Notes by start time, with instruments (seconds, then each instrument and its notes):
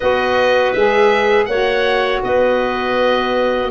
0.00 tuba B3, saxophone F#4, clarinet B4, oboe D#5
0.72 tuba G#3, saxophone G#4, oboe E5
1.45 tuba A#3, saxophone F#4, clarinet C#5, oboe F#5
2.23 tuba B3, clarinet B4, oboe D#5